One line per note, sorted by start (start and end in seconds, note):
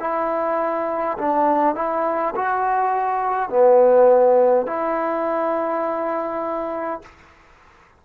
0.00 1.18 E4
1.18 1.75 D4
1.75 2.34 E4
2.36 3.50 F#4
3.50 4.67 B3
4.67 7.02 E4